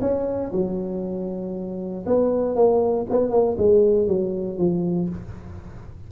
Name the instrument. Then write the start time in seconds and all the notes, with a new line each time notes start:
tuba
0.00 C#4
0.52 F#3
2.06 B3
2.55 A#3
3.09 B3
3.30 A#3
3.58 G#3
4.07 F#3
4.58 F3